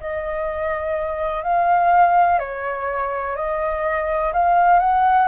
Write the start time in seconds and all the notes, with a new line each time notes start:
0.00 D#5
1.43 F5
2.39 C#5
3.36 D#5
4.33 F5
4.79 F#5